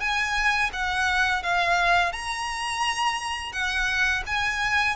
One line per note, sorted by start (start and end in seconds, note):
0.00 0.71 G#5
0.73 1.43 F#5
1.43 2.13 F5
2.13 3.53 A#5
3.53 4.23 F#5
4.27 4.96 G#5